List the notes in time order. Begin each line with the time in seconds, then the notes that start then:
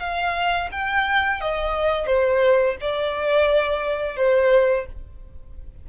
0.00 F5
0.72 G5
1.41 D#5
2.07 C5
2.81 D5
4.17 C5